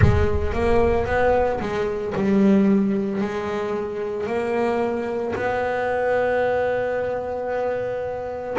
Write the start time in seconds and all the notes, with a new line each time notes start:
0.00 G#3
0.53 A#3
1.06 B3
1.60 G#3
2.14 G3
3.21 G#3
4.26 A#3
5.35 B3